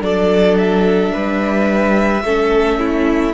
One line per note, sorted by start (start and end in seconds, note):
0.00 1.12 F#3
0.00 2.22 D4
0.00 1.12 A4
0.00 0.57 D5
0.57 3.33 E5
1.12 2.22 G3
1.12 2.23 B4
2.22 3.33 A3
2.22 3.33 C#4
2.22 2.79 A4
2.79 3.33 E4